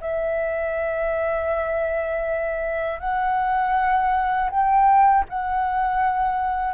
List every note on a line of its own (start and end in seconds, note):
0.00 3.00 E5
3.00 4.50 F#5
4.50 5.25 G5
5.28 6.74 F#5